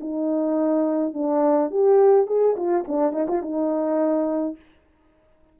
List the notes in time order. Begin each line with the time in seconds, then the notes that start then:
0.00 D#4
1.13 D4
1.70 G4
2.26 G#4
2.56 F4
2.87 D4
3.12 D#4
3.28 F4
3.42 D#4